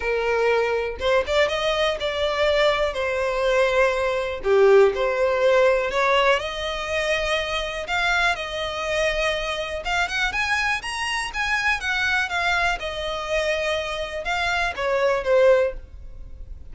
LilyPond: \new Staff \with { instrumentName = "violin" } { \time 4/4 \tempo 4 = 122 ais'2 c''8 d''8 dis''4 | d''2 c''2~ | c''4 g'4 c''2 | cis''4 dis''2. |
f''4 dis''2. | f''8 fis''8 gis''4 ais''4 gis''4 | fis''4 f''4 dis''2~ | dis''4 f''4 cis''4 c''4 | }